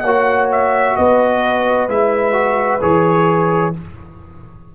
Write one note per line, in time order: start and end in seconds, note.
0.00 0.96 A#3
0.00 0.96 C#5
0.00 0.46 F#5
0.06 1.89 F#4
0.51 0.97 E5
0.97 1.88 B3
0.97 3.75 B4
0.97 1.89 D#5
1.88 2.81 G#3
1.88 2.33 E4
1.88 2.82 E5
2.33 2.79 F#4
2.81 3.74 E3
2.81 3.73 G#4
2.81 3.74 C#5